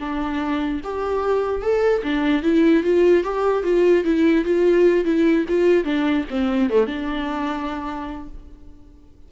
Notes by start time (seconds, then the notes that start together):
0.00 D4
0.84 G4
1.62 A4
2.03 D4
2.43 E4
2.84 F4
3.24 G4
3.64 F4
4.04 E4
4.45 F4
5.05 E4
5.49 F4
5.85 D4
6.30 C4
6.70 A3
6.87 D4